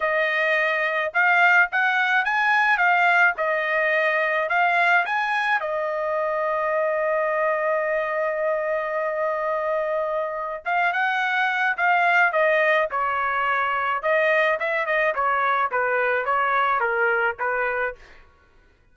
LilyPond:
\new Staff \with { instrumentName = "trumpet" } { \time 4/4 \tempo 4 = 107 dis''2 f''4 fis''4 | gis''4 f''4 dis''2 | f''4 gis''4 dis''2~ | dis''1~ |
dis''2. f''8 fis''8~ | fis''4 f''4 dis''4 cis''4~ | cis''4 dis''4 e''8 dis''8 cis''4 | b'4 cis''4 ais'4 b'4 | }